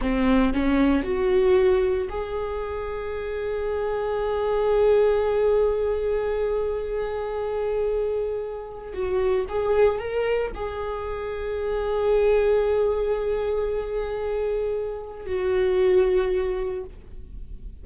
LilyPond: \new Staff \with { instrumentName = "viola" } { \time 4/4 \tempo 4 = 114 c'4 cis'4 fis'2 | gis'1~ | gis'1~ | gis'1~ |
gis'4 fis'4 gis'4 ais'4 | gis'1~ | gis'1~ | gis'4 fis'2. | }